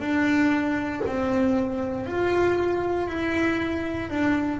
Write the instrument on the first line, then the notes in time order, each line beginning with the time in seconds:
double bass
0.00 D4
1.06 C4
2.06 F4
3.08 E4
4.10 D4